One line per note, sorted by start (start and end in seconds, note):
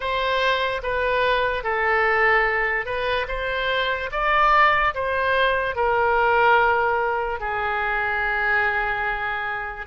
0.00 0.81 C5
0.83 1.63 B4
1.63 2.85 A4
2.85 3.26 B4
3.28 4.10 C5
4.11 4.94 D5
4.94 5.75 C5
5.75 7.40 A#4
7.40 9.86 G#4